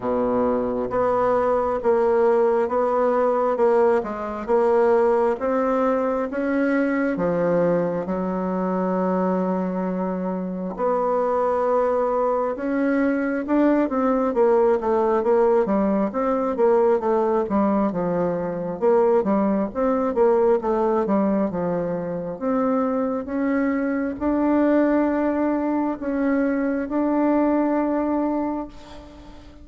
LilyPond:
\new Staff \with { instrumentName = "bassoon" } { \time 4/4 \tempo 4 = 67 b,4 b4 ais4 b4 | ais8 gis8 ais4 c'4 cis'4 | f4 fis2. | b2 cis'4 d'8 c'8 |
ais8 a8 ais8 g8 c'8 ais8 a8 g8 | f4 ais8 g8 c'8 ais8 a8 g8 | f4 c'4 cis'4 d'4~ | d'4 cis'4 d'2 | }